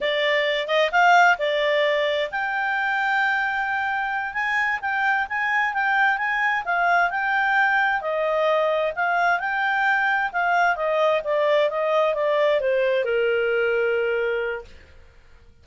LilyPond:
\new Staff \with { instrumentName = "clarinet" } { \time 4/4 \tempo 4 = 131 d''4. dis''8 f''4 d''4~ | d''4 g''2.~ | g''4. gis''4 g''4 gis''8~ | gis''8 g''4 gis''4 f''4 g''8~ |
g''4. dis''2 f''8~ | f''8 g''2 f''4 dis''8~ | dis''8 d''4 dis''4 d''4 c''8~ | c''8 ais'2.~ ais'8 | }